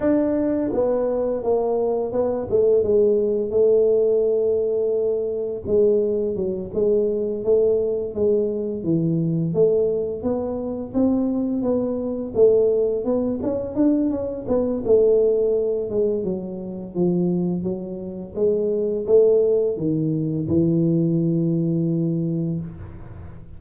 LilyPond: \new Staff \with { instrumentName = "tuba" } { \time 4/4 \tempo 4 = 85 d'4 b4 ais4 b8 a8 | gis4 a2. | gis4 fis8 gis4 a4 gis8~ | gis8 e4 a4 b4 c'8~ |
c'8 b4 a4 b8 cis'8 d'8 | cis'8 b8 a4. gis8 fis4 | f4 fis4 gis4 a4 | dis4 e2. | }